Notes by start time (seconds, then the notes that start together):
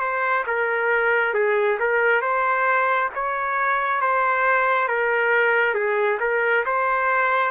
0.00 C5
0.47 A#4
1.34 G#4
1.79 A#4
2.21 C5
3.14 C#5
4.01 C5
4.88 A#4
5.74 G#4
6.20 A#4
6.65 C5